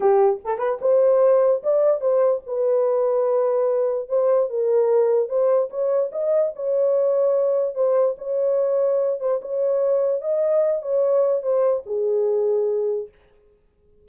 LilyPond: \new Staff \with { instrumentName = "horn" } { \time 4/4 \tempo 4 = 147 g'4 a'8 b'8 c''2 | d''4 c''4 b'2~ | b'2 c''4 ais'4~ | ais'4 c''4 cis''4 dis''4 |
cis''2. c''4 | cis''2~ cis''8 c''8 cis''4~ | cis''4 dis''4. cis''4. | c''4 gis'2. | }